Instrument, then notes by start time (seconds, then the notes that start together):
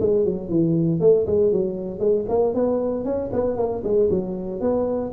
tuba
0.00 G#3
0.25 F#3
0.49 E3
1.00 A3
1.26 G#3
1.52 F#3
1.99 G#3
2.28 A#3
2.54 B3
3.04 C#4
3.32 B3
3.56 A#3
3.83 G#3
4.10 F#3
4.60 B3